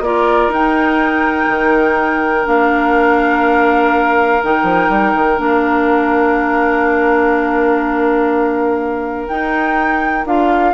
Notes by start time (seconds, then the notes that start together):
0.00 A#3 F4 A#4 D5
0.48 D#4 G5
1.48 D#3
2.44 A#3 D4 F5
4.43 D#3 D#4 G5
4.63 F3
4.89 G3
5.14 D#3
5.36 A#3 D4 F5
9.28 D#4 G5
10.25 D4 F4 F5